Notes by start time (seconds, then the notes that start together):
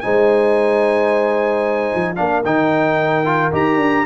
0.00 G#3 D#4 C5 G#5
1.95 F3
2.15 A#3 D4 A#4 F5
2.44 D#3 D#4 G5
3.24 F4
3.51 D#4 G4 A#5
3.76 D4